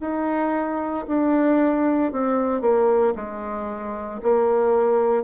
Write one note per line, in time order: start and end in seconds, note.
0.00 1.05 D#4
1.08 2.12 D4
2.12 2.61 C4
2.61 3.13 A#3
3.15 4.21 G#3
4.22 5.23 A#3